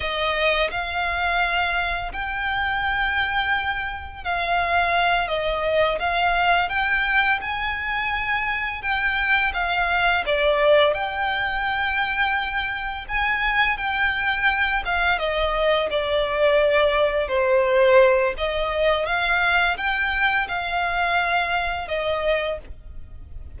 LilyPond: \new Staff \with { instrumentName = "violin" } { \time 4/4 \tempo 4 = 85 dis''4 f''2 g''4~ | g''2 f''4. dis''8~ | dis''8 f''4 g''4 gis''4.~ | gis''8 g''4 f''4 d''4 g''8~ |
g''2~ g''8 gis''4 g''8~ | g''4 f''8 dis''4 d''4.~ | d''8 c''4. dis''4 f''4 | g''4 f''2 dis''4 | }